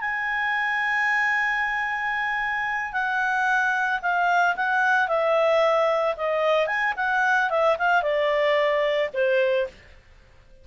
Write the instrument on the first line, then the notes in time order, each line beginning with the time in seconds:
clarinet
0.00 G#5
2.92 F#5
4.02 F5
4.55 F#5
5.08 E5
6.16 D#5
6.66 G#5
6.96 F#5
7.50 E5
7.78 F5
8.02 D5
9.13 C5